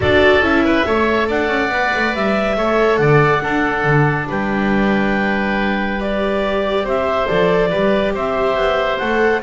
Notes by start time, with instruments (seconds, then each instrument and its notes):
0.00 double bass D4, viola F#4, oboe A4, clarinet D5
0.40 double bass C#4, viola E4, clarinet E5
0.64 oboe B4
0.85 double bass A3, viola A4, oboe C#5
1.27 double bass D4, oboe D5, clarinet F#5
1.47 double bass C#4
1.69 double bass B3, viola B4
1.95 double bass A3
2.14 double bass G3, clarinet E5
2.56 double bass A3, viola A4, oboe C#5
2.96 double bass D3, oboe D5, clarinet F#5
3.40 viola D4, double bass D4, oboe A4
3.83 double bass D3
4.28 double bass G3, oboe B4, clarinet G5
5.99 viola G4, clarinet D5
6.83 double bass C4, oboe C5, clarinet E5
7.27 double bass F3, viola A4, clarinet D5
7.69 double bass G3, viola G4, oboe B4
8.14 double bass C4, oboe C5, clarinet E5
8.55 double bass B3
8.98 double bass A3, viola A4, clarinet F#5